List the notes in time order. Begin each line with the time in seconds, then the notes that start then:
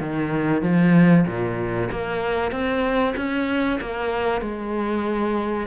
0.00 D#3
0.62 F3
1.27 A#2
1.91 A#3
2.51 C4
3.16 C#4
3.81 A#3
4.41 G#3